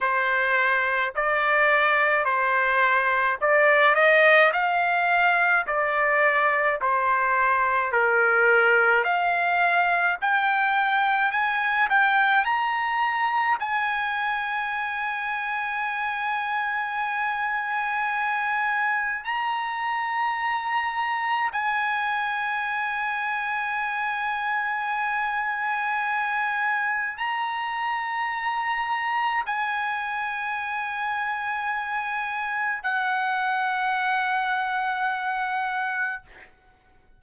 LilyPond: \new Staff \with { instrumentName = "trumpet" } { \time 4/4 \tempo 4 = 53 c''4 d''4 c''4 d''8 dis''8 | f''4 d''4 c''4 ais'4 | f''4 g''4 gis''8 g''8 ais''4 | gis''1~ |
gis''4 ais''2 gis''4~ | gis''1 | ais''2 gis''2~ | gis''4 fis''2. | }